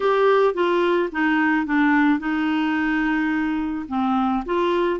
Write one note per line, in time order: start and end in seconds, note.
0.00 0.54 G4
0.54 1.09 F4
1.11 1.65 D#4
1.65 2.19 D4
2.19 3.86 D#4
3.88 4.43 C4
4.45 5.00 F4